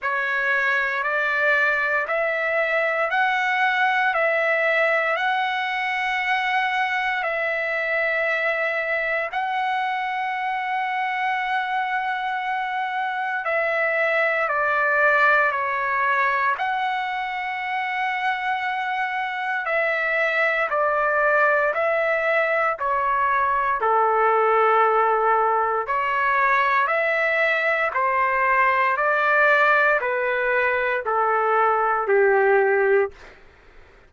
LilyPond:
\new Staff \with { instrumentName = "trumpet" } { \time 4/4 \tempo 4 = 58 cis''4 d''4 e''4 fis''4 | e''4 fis''2 e''4~ | e''4 fis''2.~ | fis''4 e''4 d''4 cis''4 |
fis''2. e''4 | d''4 e''4 cis''4 a'4~ | a'4 cis''4 e''4 c''4 | d''4 b'4 a'4 g'4 | }